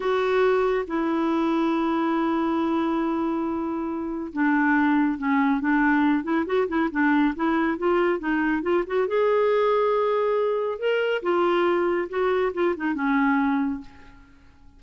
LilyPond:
\new Staff \with { instrumentName = "clarinet" } { \time 4/4 \tempo 4 = 139 fis'2 e'2~ | e'1~ | e'2 d'2 | cis'4 d'4. e'8 fis'8 e'8 |
d'4 e'4 f'4 dis'4 | f'8 fis'8 gis'2.~ | gis'4 ais'4 f'2 | fis'4 f'8 dis'8 cis'2 | }